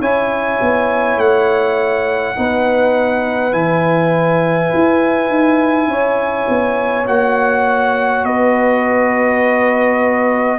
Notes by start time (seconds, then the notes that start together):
0.00 C#4 E4 C#5 G#5
0.61 B3
1.17 A3 F#5
2.36 B3 D#4 B4
3.52 E3 E4 G#5
4.74 E4
5.28 D#4
5.87 C#4 C#5
6.48 B3
7.06 A#3 F#4 F#5
8.24 B3 B4 D#5